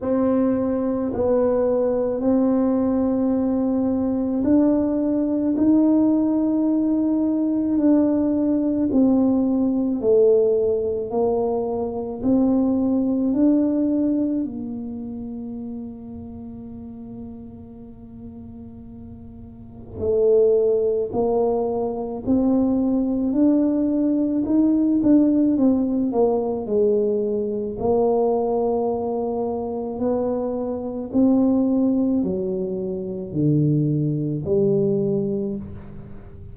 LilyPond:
\new Staff \with { instrumentName = "tuba" } { \time 4/4 \tempo 4 = 54 c'4 b4 c'2 | d'4 dis'2 d'4 | c'4 a4 ais4 c'4 | d'4 ais2.~ |
ais2 a4 ais4 | c'4 d'4 dis'8 d'8 c'8 ais8 | gis4 ais2 b4 | c'4 fis4 d4 g4 | }